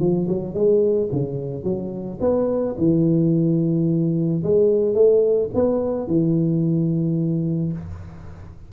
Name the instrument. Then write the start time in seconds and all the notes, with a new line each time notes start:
tuba
0.00 F3
0.29 F#3
0.54 G#3
1.12 C#3
1.64 F#3
2.21 B3
2.78 E3
4.43 G#3
4.95 A3
5.55 B3
6.07 E3